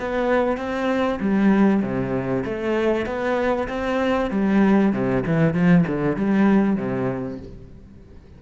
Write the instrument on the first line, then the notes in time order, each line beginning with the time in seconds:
cello
0.00 B3
0.58 C4
1.20 G3
1.82 C3
2.45 A3
3.07 B3
3.69 C4
4.31 G3
4.93 C3
5.27 E3
5.54 F3
5.88 D3
6.17 G3
6.77 C3